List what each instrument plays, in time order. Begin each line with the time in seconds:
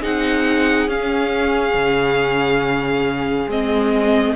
0.00 cello C4, viola D#4, violin G#4 F#5
0.87 cello C#4, viola C#4, violin F5
1.74 cello C#3
3.47 cello G#3, viola C4, violin D#5